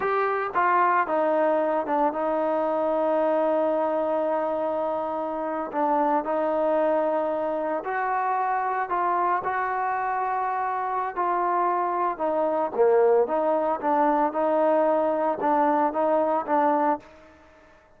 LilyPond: \new Staff \with { instrumentName = "trombone" } { \time 4/4 \tempo 4 = 113 g'4 f'4 dis'4. d'8 | dis'1~ | dis'2~ dis'8. d'4 dis'16~ | dis'2~ dis'8. fis'4~ fis'16~ |
fis'8. f'4 fis'2~ fis'16~ | fis'4 f'2 dis'4 | ais4 dis'4 d'4 dis'4~ | dis'4 d'4 dis'4 d'4 | }